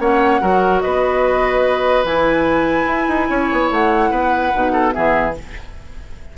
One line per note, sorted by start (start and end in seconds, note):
0.00 0.41 A#3
0.00 0.41 C#4
0.00 0.42 C#5
0.00 0.81 F#5
0.41 0.83 F#3
0.41 2.05 F#4
0.41 0.83 A#4
0.81 2.04 B3
0.81 3.30 B4
0.81 2.04 D#5
2.04 2.86 E3
2.04 4.53 E4
2.04 3.71 G#5
2.87 3.07 E4
3.08 3.29 D#4
3.30 3.51 C#4
3.30 4.11 C#5
3.53 3.71 B3
3.71 4.11 A3
3.71 4.93 F#5
4.11 4.52 B3
4.11 4.72 B4
4.54 4.96 B2
4.54 4.92 D#4
4.73 4.94 A4
4.92 5.38 E3
4.92 5.33 B3
4.92 5.36 G#4
4.92 5.34 E5